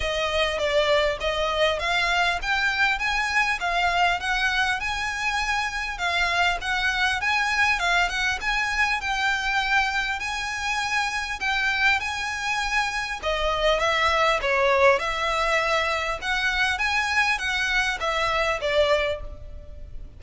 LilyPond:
\new Staff \with { instrumentName = "violin" } { \time 4/4 \tempo 4 = 100 dis''4 d''4 dis''4 f''4 | g''4 gis''4 f''4 fis''4 | gis''2 f''4 fis''4 | gis''4 f''8 fis''8 gis''4 g''4~ |
g''4 gis''2 g''4 | gis''2 dis''4 e''4 | cis''4 e''2 fis''4 | gis''4 fis''4 e''4 d''4 | }